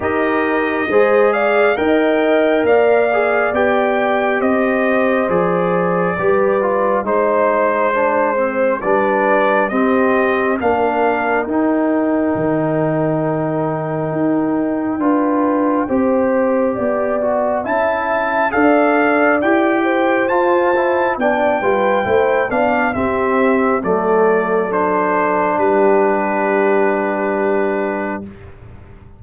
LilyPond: <<
  \new Staff \with { instrumentName = "trumpet" } { \time 4/4 \tempo 4 = 68 dis''4. f''8 g''4 f''4 | g''4 dis''4 d''2 | c''2 d''4 dis''4 | f''4 g''2.~ |
g''1 | a''4 f''4 g''4 a''4 | g''4. f''8 e''4 d''4 | c''4 b'2. | }
  \new Staff \with { instrumentName = "horn" } { \time 4/4 ais'4 c''8 d''8 dis''4 d''4~ | d''4 c''2 b'4 | c''2 b'4 g'4 | ais'1~ |
ais'4 b'4 c''4 d''4 | e''4 d''4. c''4. | d''8 b'8 c''8 d''8 g'4 a'4~ | a'4 g'2. | }
  \new Staff \with { instrumentName = "trombone" } { \time 4/4 g'4 gis'4 ais'4. gis'8 | g'2 gis'4 g'8 f'8 | dis'4 d'8 c'8 d'4 c'4 | d'4 dis'2.~ |
dis'4 f'4 g'4. fis'8 | e'4 a'4 g'4 f'8 e'8 | d'8 f'8 e'8 d'8 c'4 a4 | d'1 | }
  \new Staff \with { instrumentName = "tuba" } { \time 4/4 dis'4 gis4 dis'4 ais4 | b4 c'4 f4 g4 | gis2 g4 c'4 | ais4 dis'4 dis2 |
dis'4 d'4 c'4 b4 | cis'4 d'4 e'4 f'4 | b8 g8 a8 b8 c'4 fis4~ | fis4 g2. | }
>>